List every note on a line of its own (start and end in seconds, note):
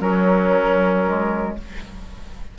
0.00 1.57 F#3
0.00 1.06 F#3
0.00 1.58 C#4
0.00 1.57 A#4
1.06 1.58 G#3